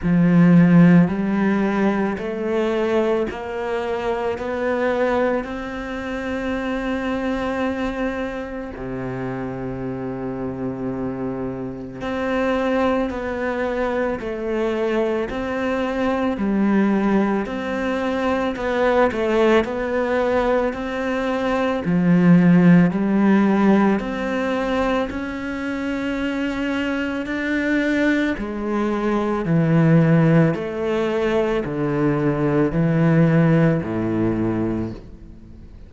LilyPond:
\new Staff \with { instrumentName = "cello" } { \time 4/4 \tempo 4 = 55 f4 g4 a4 ais4 | b4 c'2. | c2. c'4 | b4 a4 c'4 g4 |
c'4 b8 a8 b4 c'4 | f4 g4 c'4 cis'4~ | cis'4 d'4 gis4 e4 | a4 d4 e4 a,4 | }